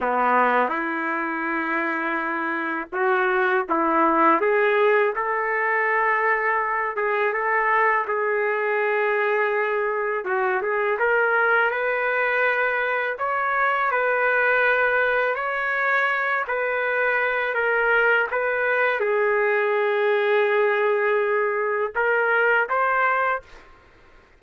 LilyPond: \new Staff \with { instrumentName = "trumpet" } { \time 4/4 \tempo 4 = 82 b4 e'2. | fis'4 e'4 gis'4 a'4~ | a'4. gis'8 a'4 gis'4~ | gis'2 fis'8 gis'8 ais'4 |
b'2 cis''4 b'4~ | b'4 cis''4. b'4. | ais'4 b'4 gis'2~ | gis'2 ais'4 c''4 | }